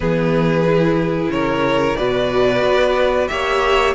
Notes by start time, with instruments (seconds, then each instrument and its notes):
0.00 cello E3, viola B3, violin G#4 B4
0.65 viola E4
1.28 cello C#3, violin A#4 C#5
1.96 cello B2, viola F#4, violin B4 D5
2.62 cello B3
3.28 cello A#3, viola G4, violin C#5 E5